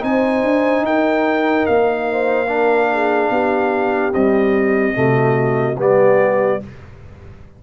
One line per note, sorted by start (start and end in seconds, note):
0.00 0.44 C4
0.00 2.47 D#4
0.00 0.86 C5
0.00 0.86 G#5
0.44 0.83 D4
0.83 1.65 D#4
0.83 2.10 A#4
0.83 1.67 G5
1.67 3.30 A#3
1.67 4.13 F5
2.11 2.48 C5
2.48 4.13 D4
2.48 2.89 A#4
2.93 3.32 G#4
3.30 4.12 B3
3.30 4.96 G4
4.14 4.94 G3
4.14 4.96 C4
4.14 5.78 D#5
4.94 5.78 C3
4.94 5.76 A3
4.94 5.80 F#4
5.78 6.61 G3
5.78 6.61 B3
5.78 6.62 G4
5.78 6.64 D5